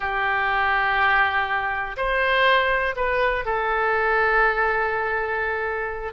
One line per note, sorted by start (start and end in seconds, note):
0.00 1.96 G4
1.96 2.95 C5
2.96 3.45 B4
3.45 6.13 A4